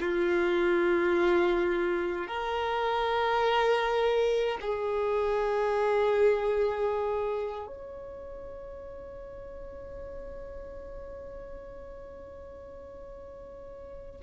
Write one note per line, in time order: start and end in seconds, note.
0.00 2.27 F4
2.27 4.58 A#4
4.61 7.67 G#4
7.67 14.21 C#5